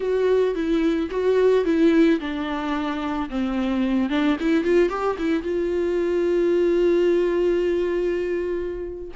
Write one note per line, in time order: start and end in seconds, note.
0.00 0.55 F#4
0.55 1.09 E4
1.10 1.64 F#4
1.65 2.19 E4
2.20 3.29 D4
3.29 4.09 C4
4.09 4.37 D4
4.40 4.64 E4
4.64 4.89 F4
4.89 5.16 G4
5.18 5.42 E4
5.42 9.10 F4